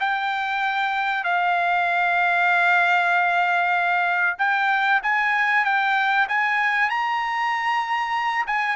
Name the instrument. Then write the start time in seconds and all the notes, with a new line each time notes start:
trumpet
0.00 G5
1.24 F5
4.38 G5
5.03 G#5
5.65 G5
6.28 G#5
6.89 A#5
8.47 G#5